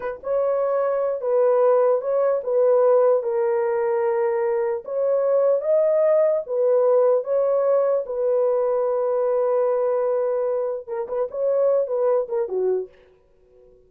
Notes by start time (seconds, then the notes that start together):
0.00 B4
0.23 C#5
1.21 B4
2.01 C#5
2.43 B4
3.22 A#4
4.84 C#5
5.61 D#5
6.46 B4
7.24 C#5
8.05 B4
10.87 A#4
11.08 B4
11.30 C#5
11.87 B4
12.28 A#4
12.48 F#4